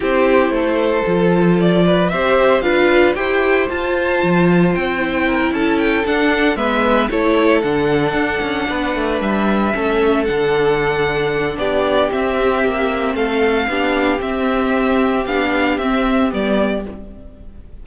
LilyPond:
<<
  \new Staff \with { instrumentName = "violin" } { \time 4/4 \tempo 4 = 114 c''2. d''4 | e''4 f''4 g''4 a''4~ | a''4 g''4. a''8 g''8 fis''8~ | fis''8 e''4 cis''4 fis''4.~ |
fis''4. e''2 fis''8~ | fis''2 d''4 e''4~ | e''4 f''2 e''4~ | e''4 f''4 e''4 d''4 | }
  \new Staff \with { instrumentName = "violin" } { \time 4/4 g'4 a'2~ a'8 b'8 | c''4 b'4 c''2~ | c''2 ais'8 a'4.~ | a'8 b'4 a'2~ a'8~ |
a'8 b'2 a'4.~ | a'2 g'2~ | g'4 a'4 g'2~ | g'1 | }
  \new Staff \with { instrumentName = "viola" } { \time 4/4 e'2 f'2 | g'4 f'4 g'4 f'4~ | f'4. e'2 d'8~ | d'8 b4 e'4 d'4.~ |
d'2~ d'8 cis'4 d'8~ | d'2. c'4~ | c'2 d'4 c'4~ | c'4 d'4 c'4 b4 | }
  \new Staff \with { instrumentName = "cello" } { \time 4/4 c'4 a4 f2 | c'4 d'4 e'4 f'4 | f4 c'4. cis'4 d'8~ | d'8 gis4 a4 d4 d'8 |
cis'8 b8 a8 g4 a4 d8~ | d2 b4 c'4 | ais4 a4 b4 c'4~ | c'4 b4 c'4 g4 | }
>>